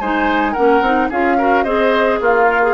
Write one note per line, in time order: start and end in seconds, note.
0.00 0.55 G#3
0.00 0.56 D#4
0.00 0.52 C5
0.00 0.53 G#5
0.52 0.81 A#3
0.52 0.83 C#4
0.52 1.07 A#4
0.52 1.08 F#5
0.81 1.09 C4
0.81 1.11 D#4
1.09 1.65 C#4
1.09 1.39 F4
1.09 1.37 G#4
1.09 1.63 F5
1.38 1.65 F#4
1.38 1.64 A#4
1.63 2.20 C4
1.63 2.47 G#4
1.63 2.19 C5
1.63 2.18 D#5
2.20 2.74 A#3
2.20 2.74 F4
2.20 2.74 F5
2.47 2.61 A#4
2.62 2.74 G#4